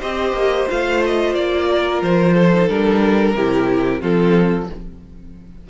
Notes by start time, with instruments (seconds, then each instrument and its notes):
0.00 cello C4, viola G4, violin C5 D#5
0.33 cello A#3
0.67 cello A3, viola F4, violin F5
1.06 violin D#5
1.35 cello A#3, violin D5
1.71 violin A#4
2.02 cello F3, violin C5
2.34 violin A4
2.54 viola D#4
2.68 cello G3, viola D4, violin A#4
3.34 cello C3, viola E4, violin G4
4.01 cello F3, viola C4, violin F4 A4